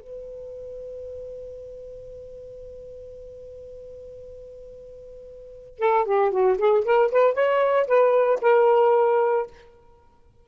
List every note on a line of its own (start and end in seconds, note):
0.00 5.79 B4
5.79 6.05 A4
6.05 6.31 G4
6.31 6.57 F#4
6.57 6.84 G#4
6.84 7.11 A#4
7.11 7.34 B4
7.34 7.86 C#5
7.87 8.39 B4
8.41 9.46 A#4